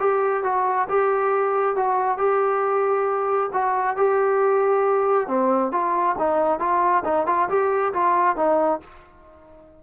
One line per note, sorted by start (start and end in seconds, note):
0.00 0.44 G4
0.44 0.88 F#4
0.89 1.76 G4
1.76 2.18 F#4
2.18 3.50 G4
3.53 3.97 F#4
3.97 5.28 G4
5.28 5.72 C4
5.72 6.16 F4
6.19 6.60 D#4
6.60 7.04 F4
7.05 7.27 D#4
7.27 7.49 F4
7.49 7.93 G4
7.94 8.36 F4
8.36 8.80 D#4